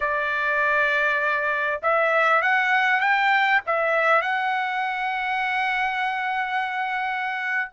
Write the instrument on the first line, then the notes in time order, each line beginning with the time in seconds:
trumpet
0.00 D5
1.82 E5
2.41 F#5
3.00 G5
3.66 E5
4.21 F#5